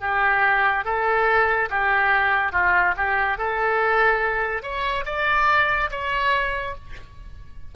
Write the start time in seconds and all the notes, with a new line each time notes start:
0.00 G4
0.85 A4
1.70 G4
2.52 F4
2.97 G4
3.38 A4
4.62 C#5
5.06 D5
5.90 C#5